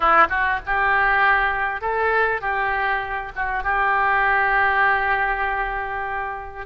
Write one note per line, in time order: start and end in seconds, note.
0.00 0.27 E4
0.29 0.59 F#4
0.66 1.81 G4
1.81 2.41 A4
2.41 3.32 G4
3.35 3.63 F#4
3.63 6.66 G4